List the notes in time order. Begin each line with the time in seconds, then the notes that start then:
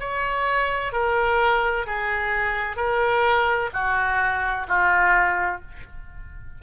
0.00 C#5
0.92 A#4
1.86 G#4
2.77 A#4
3.73 F#4
4.68 F4